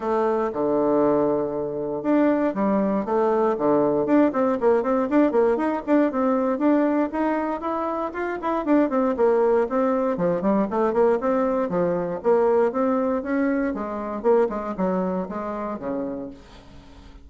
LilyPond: \new Staff \with { instrumentName = "bassoon" } { \time 4/4 \tempo 4 = 118 a4 d2. | d'4 g4 a4 d4 | d'8 c'8 ais8 c'8 d'8 ais8 dis'8 d'8 | c'4 d'4 dis'4 e'4 |
f'8 e'8 d'8 c'8 ais4 c'4 | f8 g8 a8 ais8 c'4 f4 | ais4 c'4 cis'4 gis4 | ais8 gis8 fis4 gis4 cis4 | }